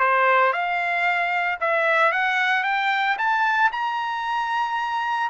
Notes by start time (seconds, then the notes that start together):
0.00 C5
0.53 F5
1.60 E5
2.12 F#5
2.64 G5
3.18 A5
3.73 A#5